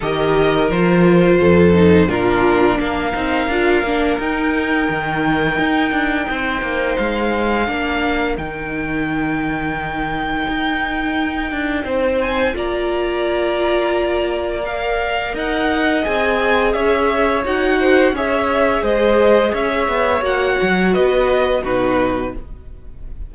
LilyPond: <<
  \new Staff \with { instrumentName = "violin" } { \time 4/4 \tempo 4 = 86 dis''4 c''2 ais'4 | f''2 g''2~ | g''2 f''2 | g''1~ |
g''4. gis''8 ais''2~ | ais''4 f''4 fis''4 gis''4 | e''4 fis''4 e''4 dis''4 | e''4 fis''4 dis''4 b'4 | }
  \new Staff \with { instrumentName = "violin" } { \time 4/4 ais'2 a'4 f'4 | ais'1~ | ais'4 c''2 ais'4~ | ais'1~ |
ais'4 c''4 d''2~ | d''2 dis''2 | cis''4. c''8 cis''4 c''4 | cis''2 b'4 fis'4 | }
  \new Staff \with { instrumentName = "viola" } { \time 4/4 g'4 f'4. dis'8 d'4~ | d'8 dis'8 f'8 d'8 dis'2~ | dis'2. d'4 | dis'1~ |
dis'2 f'2~ | f'4 ais'2 gis'4~ | gis'4 fis'4 gis'2~ | gis'4 fis'2 dis'4 | }
  \new Staff \with { instrumentName = "cello" } { \time 4/4 dis4 f4 f,4 ais,4 | ais8 c'8 d'8 ais8 dis'4 dis4 | dis'8 d'8 c'8 ais8 gis4 ais4 | dis2. dis'4~ |
dis'8 d'8 c'4 ais2~ | ais2 dis'4 c'4 | cis'4 dis'4 cis'4 gis4 | cis'8 b8 ais8 fis8 b4 b,4 | }
>>